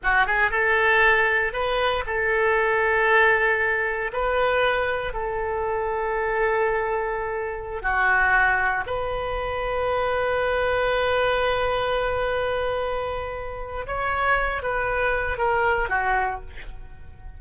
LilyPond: \new Staff \with { instrumentName = "oboe" } { \time 4/4 \tempo 4 = 117 fis'8 gis'8 a'2 b'4 | a'1 | b'2 a'2~ | a'2.~ a'16 fis'8.~ |
fis'4~ fis'16 b'2~ b'8.~ | b'1~ | b'2. cis''4~ | cis''8 b'4. ais'4 fis'4 | }